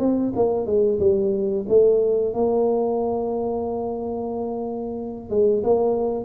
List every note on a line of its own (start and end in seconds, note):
0.00 0.33 C4
0.36 0.67 A#3
0.67 1.00 G#3
1.00 1.65 G3
1.69 2.34 A3
2.34 5.30 A#3
5.30 5.63 G#3
5.64 6.25 A#3